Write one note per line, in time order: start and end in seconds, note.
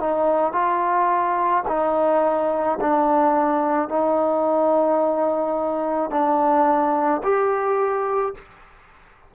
0.00 0.53 D#4
0.53 1.64 F4
1.67 2.78 D#4
2.81 3.89 D4
3.89 6.11 D#4
6.11 7.22 D4
7.23 8.34 G4